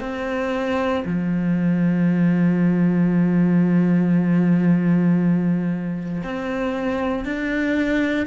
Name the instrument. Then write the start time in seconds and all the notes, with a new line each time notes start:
cello
0.00 C4
1.05 F3
6.24 C4
7.25 D4